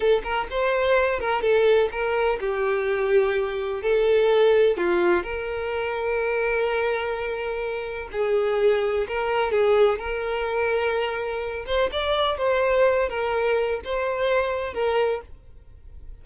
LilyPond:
\new Staff \with { instrumentName = "violin" } { \time 4/4 \tempo 4 = 126 a'8 ais'8 c''4. ais'8 a'4 | ais'4 g'2. | a'2 f'4 ais'4~ | ais'1~ |
ais'4 gis'2 ais'4 | gis'4 ais'2.~ | ais'8 c''8 d''4 c''4. ais'8~ | ais'4 c''2 ais'4 | }